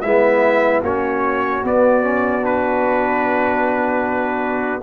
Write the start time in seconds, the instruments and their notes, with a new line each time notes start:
0.00 tuba G#3, trombone B3, horn E4, trumpet E5
0.82 tuba A#3, trombone C#4, horn F#4, trumpet C#5
1.63 trombone B3, tuba B3, trumpet D5
2.02 trombone C#4
2.41 trombone D4, trumpet B4